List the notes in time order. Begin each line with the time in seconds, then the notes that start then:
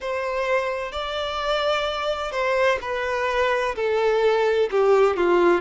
0.00 C5
0.92 D5
2.31 C5
2.81 B4
3.75 A4
4.70 G4
5.16 F4